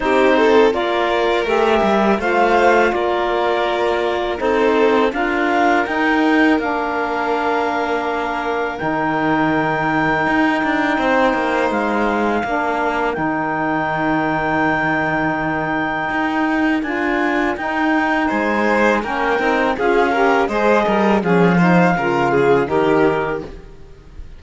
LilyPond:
<<
  \new Staff \with { instrumentName = "clarinet" } { \time 4/4 \tempo 4 = 82 c''4 d''4 e''4 f''4 | d''2 c''4 f''4 | g''4 f''2. | g''1 |
f''2 g''2~ | g''2. gis''4 | g''4 gis''4 g''4 f''4 | dis''4 f''2 ais'4 | }
  \new Staff \with { instrumentName = "violin" } { \time 4/4 g'8 a'8 ais'2 c''4 | ais'2 a'4 ais'4~ | ais'1~ | ais'2. c''4~ |
c''4 ais'2.~ | ais'1~ | ais'4 c''4 ais'4 gis'8 ais'8 | c''8 ais'8 gis'8 c''8 ais'8 gis'8 g'4 | }
  \new Staff \with { instrumentName = "saxophone" } { \time 4/4 dis'4 f'4 g'4 f'4~ | f'2 dis'4 f'4 | dis'4 d'2. | dis'1~ |
dis'4 d'4 dis'2~ | dis'2. f'4 | dis'2 cis'8 dis'8 f'8 g'8 | gis'4 cis'8 dis'8 f'4 dis'4 | }
  \new Staff \with { instrumentName = "cello" } { \time 4/4 c'4 ais4 a8 g8 a4 | ais2 c'4 d'4 | dis'4 ais2. | dis2 dis'8 d'8 c'8 ais8 |
gis4 ais4 dis2~ | dis2 dis'4 d'4 | dis'4 gis4 ais8 c'8 cis'4 | gis8 g8 f4 cis4 dis4 | }
>>